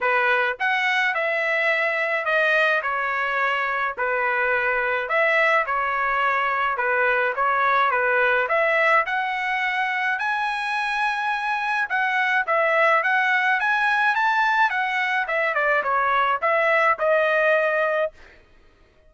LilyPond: \new Staff \with { instrumentName = "trumpet" } { \time 4/4 \tempo 4 = 106 b'4 fis''4 e''2 | dis''4 cis''2 b'4~ | b'4 e''4 cis''2 | b'4 cis''4 b'4 e''4 |
fis''2 gis''2~ | gis''4 fis''4 e''4 fis''4 | gis''4 a''4 fis''4 e''8 d''8 | cis''4 e''4 dis''2 | }